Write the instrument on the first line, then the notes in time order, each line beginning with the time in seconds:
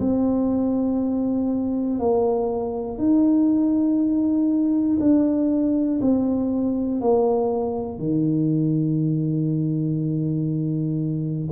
tuba
0.00 C4
1.99 A#3
2.98 D#4
5.00 D4
6.00 C4
7.00 A#3
7.98 D#3